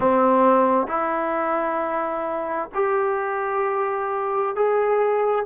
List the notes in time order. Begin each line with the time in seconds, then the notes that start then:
0.00 C4
0.87 E4
2.74 G4
4.55 G#4